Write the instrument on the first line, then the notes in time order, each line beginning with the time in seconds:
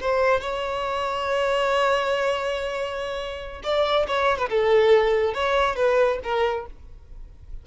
violin
0.00 C5
0.41 C#5
3.63 D5
4.08 C#5
4.38 B4
4.49 A4
5.34 C#5
5.76 B4
6.23 A#4